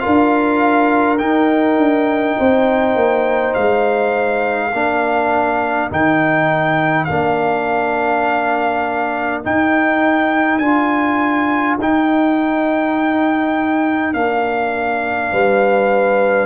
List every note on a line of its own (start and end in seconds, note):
0.00 1.18 F4
0.00 2.38 A#4
0.00 1.18 F5
0.06 1.20 D4
1.19 4.72 D#4
1.19 1.77 D#4
1.19 3.54 G5
1.77 2.36 D4
2.38 2.95 C4
2.38 4.72 C5
2.95 3.54 A#3
3.54 4.73 G#3
3.54 5.90 F5
4.72 5.91 A#3
4.72 5.90 D4
4.72 15.31 A#4
5.90 7.09 D#3
5.90 7.08 D#4
5.90 7.05 G5
7.05 9.45 A#3
7.05 9.44 D4
7.05 9.40 F5
9.44 10.62 D#4
9.44 10.59 D#4
9.44 10.59 G5
10.59 11.77 D4
10.59 11.79 F4
10.59 11.76 G#5
11.79 14.14 D#4
11.79 14.14 G5
14.14 15.32 A#3
14.14 16.46 D4
14.14 16.46 F5
15.32 16.46 G3
15.32 16.46 B4